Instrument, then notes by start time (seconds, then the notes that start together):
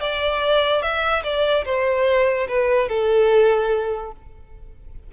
violin
0.00 D5
0.82 E5
1.23 D5
1.65 C5
2.48 B4
2.88 A4